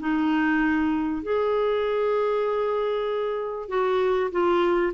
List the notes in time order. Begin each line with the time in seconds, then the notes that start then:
0.00 D#4
1.23 G#4
3.69 F#4
4.31 F4